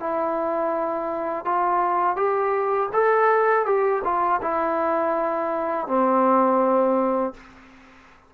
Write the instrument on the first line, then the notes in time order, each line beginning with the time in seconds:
trombone
0.00 E4
1.45 F4
2.17 G4
2.94 A4
3.66 G4
4.04 F4
4.42 E4
5.88 C4